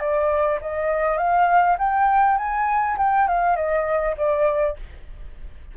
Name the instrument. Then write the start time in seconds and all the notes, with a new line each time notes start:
flute
0.00 D5
0.62 D#5
1.18 F5
1.79 G5
2.38 G#5
2.98 G5
3.28 F5
3.56 D#5
4.17 D5